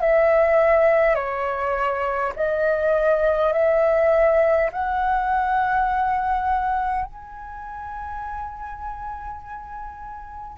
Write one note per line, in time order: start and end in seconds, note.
0.00 1.15 E5
1.15 2.33 C#5
2.36 3.53 D#5
3.53 4.71 E5
4.72 7.05 F#5
7.05 10.58 G#5